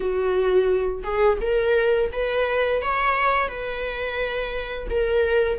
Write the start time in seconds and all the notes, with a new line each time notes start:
0.00 F#4
1.03 G#4
1.41 A#4
2.12 B4
2.82 C#5
3.48 B4
4.90 A#4